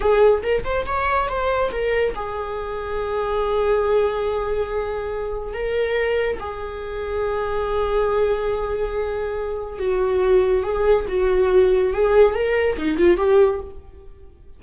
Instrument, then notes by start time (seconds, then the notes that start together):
viola
0.00 G#4
0.42 A#4
0.64 C5
0.86 C#5
1.28 C5
1.71 A#4
2.15 G#4
5.53 A#4
6.39 G#4
9.79 F#4
10.63 G#4
11.08 F#4
11.93 G#4
12.34 A#4
12.77 D#4
12.97 F4
13.17 G4